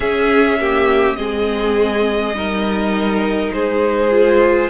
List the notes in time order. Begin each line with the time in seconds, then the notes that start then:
0.00 C#4 G#4 E5
0.59 A#3 G4
1.15 G#3 C4 G#4 D#5
2.34 G3 D#4 A#4
3.53 G#3 G#4 C5
4.10 F4